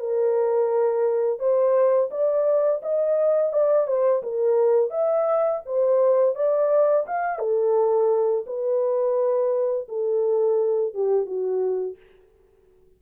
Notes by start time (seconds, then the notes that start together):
0.00 A#4
1.40 C5
2.11 D5
2.83 D#5
3.53 D5
3.88 C5
4.23 A#4
4.91 E5
5.66 C5
6.36 D5
7.07 F5
7.39 A4
8.47 B4
9.89 A4
10.94 G4
11.26 F#4